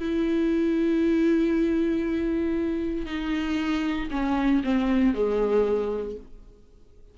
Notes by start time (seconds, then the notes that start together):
0.00 E4
3.06 D#4
4.11 C#4
4.64 C4
5.14 G#3